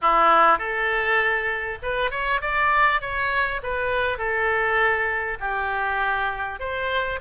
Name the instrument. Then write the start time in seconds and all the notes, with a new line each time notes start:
oboe
0.01 E4
0.58 A4
1.82 B4
2.10 C#5
2.41 D5
3.01 C#5
3.62 B4
4.18 A4
5.40 G4
6.59 C5